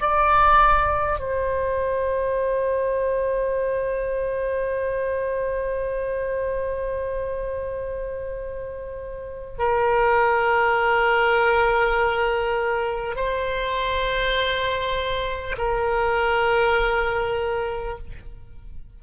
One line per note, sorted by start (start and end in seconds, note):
0.00 1.19 D5
1.19 9.59 C5
9.59 13.16 A#4
13.16 15.56 C5
15.58 17.98 A#4